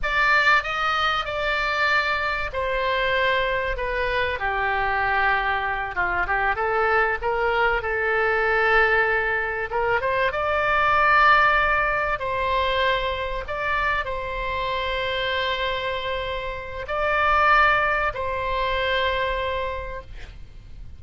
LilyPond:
\new Staff \with { instrumentName = "oboe" } { \time 4/4 \tempo 4 = 96 d''4 dis''4 d''2 | c''2 b'4 g'4~ | g'4. f'8 g'8 a'4 ais'8~ | ais'8 a'2. ais'8 |
c''8 d''2. c''8~ | c''4. d''4 c''4.~ | c''2. d''4~ | d''4 c''2. | }